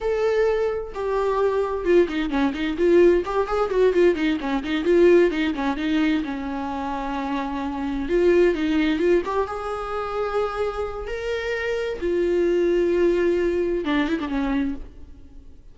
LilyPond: \new Staff \with { instrumentName = "viola" } { \time 4/4 \tempo 4 = 130 a'2 g'2 | f'8 dis'8 cis'8 dis'8 f'4 g'8 gis'8 | fis'8 f'8 dis'8 cis'8 dis'8 f'4 dis'8 | cis'8 dis'4 cis'2~ cis'8~ |
cis'4. f'4 dis'4 f'8 | g'8 gis'2.~ gis'8 | ais'2 f'2~ | f'2 d'8 e'16 d'16 cis'4 | }